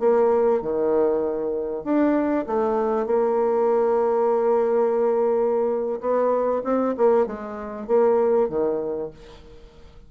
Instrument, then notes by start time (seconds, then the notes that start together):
bassoon
0.00 A#3
0.62 D#3
1.84 D4
2.47 A3
3.06 A#3
6.01 B3
6.64 C4
6.98 A#3
7.27 G#3
7.87 A#3
8.49 D#3